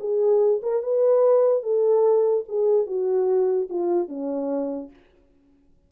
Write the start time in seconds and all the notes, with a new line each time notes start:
0.00 G#4
0.63 A#4
0.83 B4
1.63 A4
2.48 G#4
2.86 F#4
3.70 F4
4.09 C#4